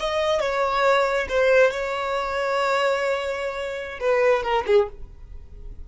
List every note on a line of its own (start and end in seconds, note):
0.00 0.40 D#5
0.40 1.27 C#5
1.29 1.71 C5
1.71 3.99 C#5
4.00 4.43 B4
4.43 4.65 A#4
4.66 4.88 G#4